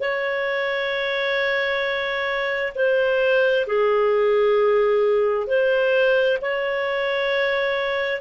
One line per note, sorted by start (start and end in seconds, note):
0.00 2.73 C#5
2.75 3.66 C5
3.67 5.47 G#4
5.47 6.38 C5
6.41 8.21 C#5